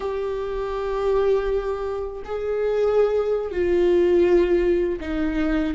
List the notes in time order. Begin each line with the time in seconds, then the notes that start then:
0.00 G4
2.24 G#4
3.51 F4
5.00 D#4